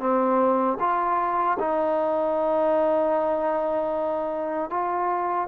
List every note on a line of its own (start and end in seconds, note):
0.00 0.78 C4
0.80 1.58 F4
1.59 4.70 D#4
4.70 5.48 F4